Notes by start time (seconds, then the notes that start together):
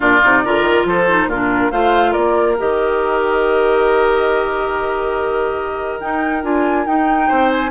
0.00 A#2 D4 F4 D5
0.23 C3 D#4
0.44 D3 F4 A#4
0.61 D#3
0.85 F3 A4 C5
1.08 D#4
1.26 A#2 F4 A#4
1.33 D4
1.71 A3 F4 C5 F5
2.11 A#3 A#4 D5
2.58 D#3 G4 D#5
6.00 D#4 G5
6.43 D4 F4 G#5
6.86 D#4 G5
7.28 C4 C5
7.49 G#5